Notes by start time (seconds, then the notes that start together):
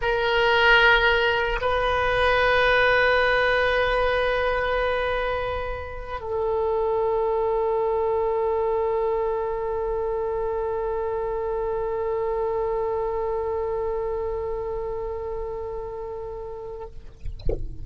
0.01 A#4
1.61 B4
6.20 A4